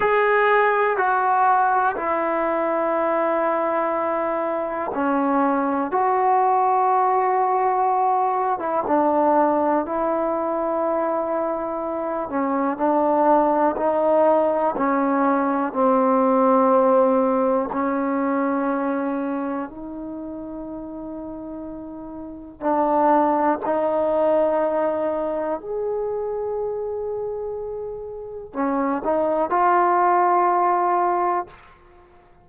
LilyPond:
\new Staff \with { instrumentName = "trombone" } { \time 4/4 \tempo 4 = 61 gis'4 fis'4 e'2~ | e'4 cis'4 fis'2~ | fis'8. e'16 d'4 e'2~ | e'8 cis'8 d'4 dis'4 cis'4 |
c'2 cis'2 | dis'2. d'4 | dis'2 gis'2~ | gis'4 cis'8 dis'8 f'2 | }